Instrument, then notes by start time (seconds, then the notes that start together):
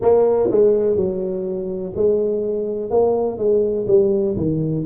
tuba
0.01 A#3
0.50 G#3
0.95 F#3
1.95 G#3
2.90 A#3
3.37 G#3
3.87 G3
4.36 D#3